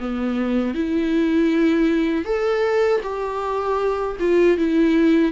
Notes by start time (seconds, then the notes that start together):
0.00 B3
0.75 E4
2.25 A4
3.03 G4
4.20 F4
4.58 E4